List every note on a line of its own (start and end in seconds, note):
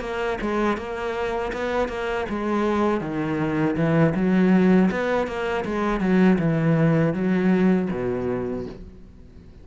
0.00 0.38 A#3
0.41 0.77 G#3
0.77 1.52 A#3
1.52 1.88 B3
1.88 2.26 A#3
2.29 3.00 G#3
3.00 3.75 D#3
3.76 4.14 E3
4.15 4.90 F#3
4.91 5.27 B3
5.27 5.64 A#3
5.65 6.00 G#3
6.00 6.38 F#3
6.39 7.14 E3
7.14 7.89 F#3
7.91 8.66 B2